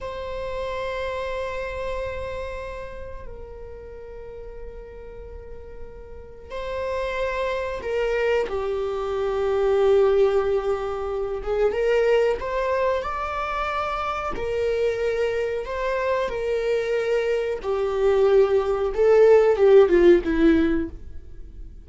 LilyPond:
\new Staff \with { instrumentName = "viola" } { \time 4/4 \tempo 4 = 92 c''1~ | c''4 ais'2.~ | ais'2 c''2 | ais'4 g'2.~ |
g'4. gis'8 ais'4 c''4 | d''2 ais'2 | c''4 ais'2 g'4~ | g'4 a'4 g'8 f'8 e'4 | }